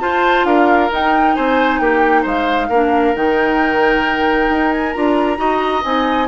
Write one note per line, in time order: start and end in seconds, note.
0.00 0.90 F4
0.00 0.44 F4
0.00 0.46 C5
0.00 0.45 A5
0.44 0.89 D4
0.44 1.36 A#4
0.44 0.89 F5
0.92 1.36 D#4
0.92 2.72 D#4
0.92 1.35 G5
1.35 1.79 C4
1.35 1.81 C5
1.35 1.78 G#5
1.78 2.24 A#3
1.78 2.22 G4
1.78 2.23 G5
2.22 2.69 G#3
2.22 2.67 C5
2.22 3.15 F5
2.69 3.13 A#3
2.69 3.15 D4
2.69 5.38 A#4
3.15 4.49 D#3
3.15 4.94 D#4
3.15 4.72 G5
4.49 4.94 D#4
4.72 4.92 G#5
4.92 5.38 D4
4.92 5.36 F4
4.92 5.82 A#5
5.36 5.83 D#4
5.36 5.81 F#4
5.36 6.28 D#5
5.84 6.28 C4
5.84 6.28 D#4
5.84 6.28 G#5